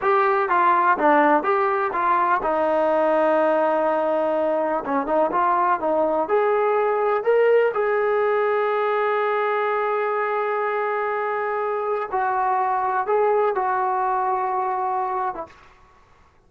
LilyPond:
\new Staff \with { instrumentName = "trombone" } { \time 4/4 \tempo 4 = 124 g'4 f'4 d'4 g'4 | f'4 dis'2.~ | dis'2 cis'8 dis'8 f'4 | dis'4 gis'2 ais'4 |
gis'1~ | gis'1~ | gis'4 fis'2 gis'4 | fis'2.~ fis'8. e'16 | }